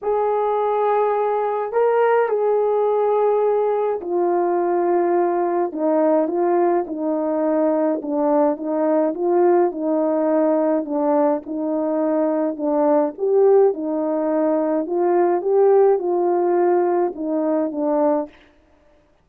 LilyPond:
\new Staff \with { instrumentName = "horn" } { \time 4/4 \tempo 4 = 105 gis'2. ais'4 | gis'2. f'4~ | f'2 dis'4 f'4 | dis'2 d'4 dis'4 |
f'4 dis'2 d'4 | dis'2 d'4 g'4 | dis'2 f'4 g'4 | f'2 dis'4 d'4 | }